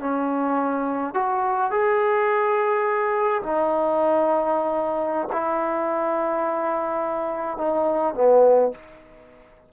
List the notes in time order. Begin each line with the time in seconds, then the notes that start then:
0.00 C#4
1.14 F#4
1.71 G#4
3.42 D#4
5.32 E4
7.57 D#4
8.15 B3